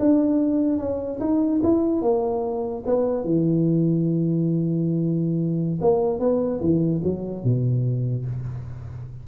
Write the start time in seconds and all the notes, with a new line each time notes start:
0.00 D4
0.79 C#4
1.21 D#4
1.63 E4
2.02 A#3
2.86 B3
3.25 E3
5.81 A#3
6.20 B3
6.61 E3
7.04 F#3
7.44 B2